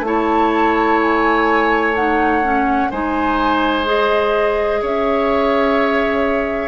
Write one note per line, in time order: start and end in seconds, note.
0.00 2.86 A3
0.00 1.95 E4
0.00 1.00 A5
0.06 2.90 C#5
1.01 1.96 G#5
1.95 2.43 D#4
1.95 2.91 F#5
2.43 2.90 C#4
2.90 4.82 G#3
2.90 3.85 D#4
2.90 4.81 C5
2.90 3.86 G#5
3.85 6.68 G#4
3.85 4.83 D#5
4.81 6.68 C#4
4.81 6.68 C#5
4.81 6.68 E5